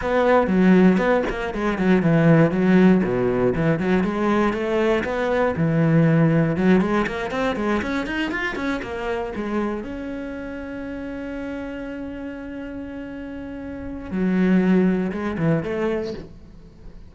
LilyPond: \new Staff \with { instrumentName = "cello" } { \time 4/4 \tempo 4 = 119 b4 fis4 b8 ais8 gis8 fis8 | e4 fis4 b,4 e8 fis8 | gis4 a4 b4 e4~ | e4 fis8 gis8 ais8 c'8 gis8 cis'8 |
dis'8 f'8 cis'8 ais4 gis4 cis'8~ | cis'1~ | cis'1 | fis2 gis8 e8 a4 | }